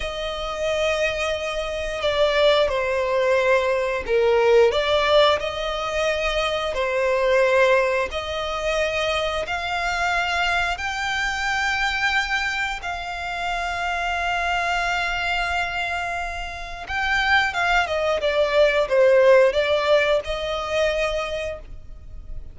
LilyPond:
\new Staff \with { instrumentName = "violin" } { \time 4/4 \tempo 4 = 89 dis''2. d''4 | c''2 ais'4 d''4 | dis''2 c''2 | dis''2 f''2 |
g''2. f''4~ | f''1~ | f''4 g''4 f''8 dis''8 d''4 | c''4 d''4 dis''2 | }